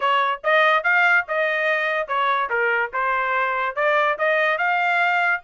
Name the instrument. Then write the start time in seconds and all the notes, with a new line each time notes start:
trumpet
0.00 C#5
0.43 D#5
0.83 F5
1.27 D#5
2.07 C#5
2.49 A#4
2.93 C5
3.75 D5
4.18 D#5
4.57 F5